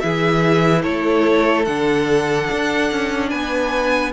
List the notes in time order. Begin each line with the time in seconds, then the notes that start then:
0.00 E3 E4 G#4 E5
0.82 A3 A4 C#5
1.65 D3 D4 F#5
2.51 D4
2.92 C#4
3.30 B3 B4 G#5